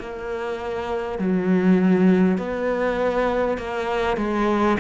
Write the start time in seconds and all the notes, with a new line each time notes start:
0.00 A#3
1.19 F#3
2.38 B3
3.58 A#3
4.17 G#3